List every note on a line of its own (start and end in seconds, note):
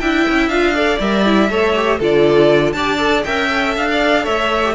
0.00 0.27 D4
0.00 0.52 E4
0.00 0.76 E5
0.00 0.49 G5
0.29 0.48 C#4
0.48 0.98 D4
0.48 0.75 F4
0.48 0.99 F5
0.75 1.00 A4
0.75 1.51 D5
1.00 1.50 G3
1.00 1.26 A#4
1.00 2.01 E5
1.26 1.50 E4
1.50 2.00 A3
1.50 1.75 A4
1.50 1.99 C#5
1.76 2.01 G4
1.99 2.74 D3
1.99 2.76 F4
1.99 2.74 A4
1.99 2.73 D5
2.73 3.24 D4
2.73 2.99 G4
2.73 3.26 D5
2.73 3.23 A5
2.99 3.24 A4
3.25 3.77 C#4
3.25 3.49 A#4
3.25 3.89 E5
3.25 3.75 G5
3.49 4.62 A4
3.77 4.28 D4
3.77 4.26 F5
3.91 4.24 D5
4.24 4.75 A3
4.24 4.74 C#5
4.24 4.75 E5
4.65 4.75 G4